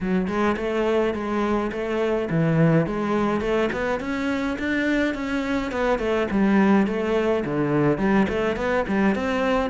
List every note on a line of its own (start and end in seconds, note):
0.00 0.27 F#3
0.27 0.56 G#3
0.56 1.14 A3
1.14 1.71 G#3
1.71 2.29 A3
2.29 2.86 E3
2.86 3.41 G#3
3.41 3.69 A3
3.72 3.99 B3
3.99 4.57 C#4
4.58 5.14 D4
5.14 5.71 C#4
5.71 5.98 B3
5.98 6.27 A3
6.30 6.86 G3
6.86 7.44 A3
7.44 7.98 D3
7.98 8.26 G3
8.29 8.56 A3
8.56 8.85 B3
8.88 9.15 G3
9.15 9.70 C4